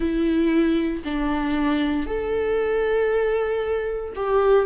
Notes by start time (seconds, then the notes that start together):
0.00 E4
1.04 D4
2.06 A4
4.15 G4